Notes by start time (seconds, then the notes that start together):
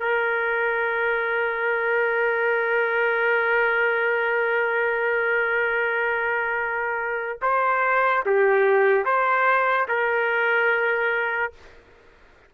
0.00 A#4
7.42 C5
8.26 G4
9.05 C5
9.88 A#4